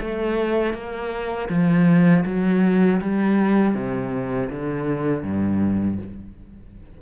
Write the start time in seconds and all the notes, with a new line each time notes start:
0.00 A3
0.73 A#3
1.49 F3
2.25 F#3
3.01 G3
3.74 C3
4.49 D3
5.23 G2